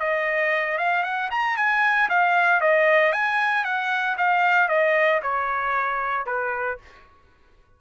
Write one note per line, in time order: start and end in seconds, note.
0.00 0.78 D#5
0.78 1.04 F5
1.04 1.30 F#5
1.31 1.57 A#5
1.57 2.09 G#5
2.09 2.61 F5
2.61 3.13 D#5
3.13 3.65 G#5
3.65 4.17 F#5
4.18 4.69 F5
4.69 5.21 D#5
5.23 6.26 C#5
6.26 6.78 B4